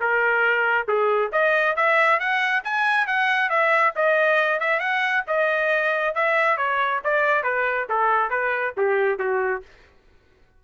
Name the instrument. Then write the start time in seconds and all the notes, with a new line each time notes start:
trumpet
0.00 A#4
0.87 G#4
1.32 D#5
1.76 E5
2.19 F#5
2.64 G#5
3.07 F#5
3.49 E5
3.95 D#5
4.60 E5
4.79 F#5
5.27 D#5
6.15 E5
6.57 C#5
7.04 D5
7.43 B4
7.89 A4
8.30 B4
8.77 G4
9.18 F#4